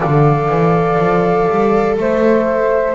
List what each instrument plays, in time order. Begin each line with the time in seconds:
0.00 double bass D3, viola A4, flute D5 F5
0.49 double bass E3
0.99 double bass F3
1.50 double bass G3
1.98 double bass A3, flute C5 E5